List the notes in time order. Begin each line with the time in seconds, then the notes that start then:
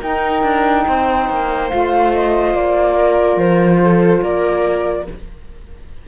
0.00 D#4 A#4 G5
0.43 D4
0.87 C4 C5
1.29 A#3
1.69 A3 F4 F5
2.13 D#5
2.54 A#3 D5
2.95 A#4
3.36 F3 C5
3.83 A4
4.22 A#3 A#4 D5